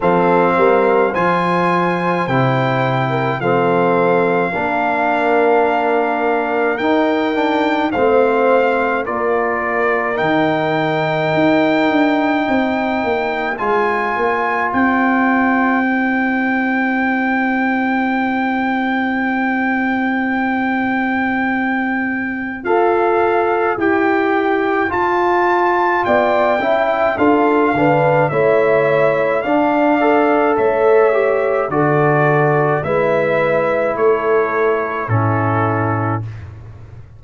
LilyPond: <<
  \new Staff \with { instrumentName = "trumpet" } { \time 4/4 \tempo 4 = 53 f''4 gis''4 g''4 f''4~ | f''2 g''4 f''4 | d''4 g''2. | gis''4 g''2.~ |
g''1 | f''4 g''4 a''4 g''4 | f''4 e''4 f''4 e''4 | d''4 e''4 cis''4 a'4 | }
  \new Staff \with { instrumentName = "horn" } { \time 4/4 a'8 ais'8 c''4.~ c''16 ais'16 a'4 | ais'2. c''4 | ais'2. c''4~ | c''1~ |
c''1~ | c''2. d''8 e''8 | a'8 b'8 cis''4 d''4 cis''4 | a'4 b'4 a'4 e'4 | }
  \new Staff \with { instrumentName = "trombone" } { \time 4/4 c'4 f'4 e'4 c'4 | d'2 dis'8 d'8 c'4 | f'4 dis'2. | f'2 e'2~ |
e'1 | a'4 g'4 f'4. e'8 | f'8 d'8 e'4 d'8 a'4 g'8 | fis'4 e'2 cis'4 | }
  \new Staff \with { instrumentName = "tuba" } { \time 4/4 f8 g8 f4 c4 f4 | ais2 dis'4 a4 | ais4 dis4 dis'8 d'8 c'8 ais8 | gis8 ais8 c'2.~ |
c'1 | f'4 e'4 f'4 b8 cis'8 | d'8 d8 a4 d'4 a4 | d4 gis4 a4 a,4 | }
>>